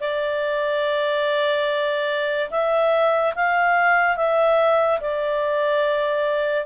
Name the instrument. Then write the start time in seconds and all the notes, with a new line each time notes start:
clarinet
0.00 D5
2.51 E5
3.35 F5
4.17 E5
5.00 D5